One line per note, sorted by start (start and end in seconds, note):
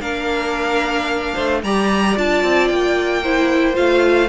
0.00 1.34 A#3
0.00 1.62 D4
0.00 1.35 A#4
0.00 1.62 F5
1.35 1.63 A3
1.35 1.61 C5
1.63 2.17 G3
1.63 2.16 G4
1.63 3.23 D5
1.63 2.17 A#5
2.16 2.44 D4
2.16 3.23 F4
2.16 2.68 A5
2.44 2.70 C4
2.68 3.78 A#3
2.68 3.75 G5
3.23 3.74 E4
3.23 4.29 C5
3.74 4.29 A3
3.74 4.28 F4
3.74 4.29 F5